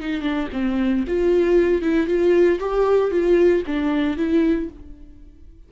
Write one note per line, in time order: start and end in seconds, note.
0.00 0.21 D#4
0.21 0.47 D4
0.52 1.04 C4
1.07 1.81 F4
1.81 2.07 E4
2.07 2.59 F4
2.59 3.11 G4
3.11 3.63 F4
3.66 4.17 D4
4.17 4.69 E4